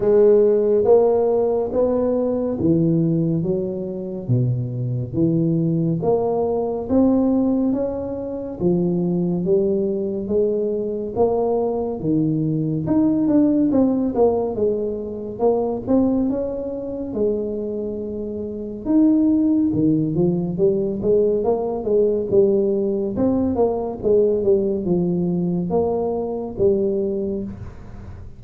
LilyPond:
\new Staff \with { instrumentName = "tuba" } { \time 4/4 \tempo 4 = 70 gis4 ais4 b4 e4 | fis4 b,4 e4 ais4 | c'4 cis'4 f4 g4 | gis4 ais4 dis4 dis'8 d'8 |
c'8 ais8 gis4 ais8 c'8 cis'4 | gis2 dis'4 dis8 f8 | g8 gis8 ais8 gis8 g4 c'8 ais8 | gis8 g8 f4 ais4 g4 | }